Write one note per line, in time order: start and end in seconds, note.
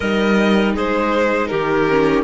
0.00 0.75 G3
0.00 1.88 D#4
0.00 0.74 A#4
0.00 0.75 D#5
0.74 1.50 G#3
0.74 1.49 G#4
0.74 1.47 C5
1.47 2.24 D#3
1.47 2.24 G4
1.47 2.22 A#4
1.88 2.24 C#4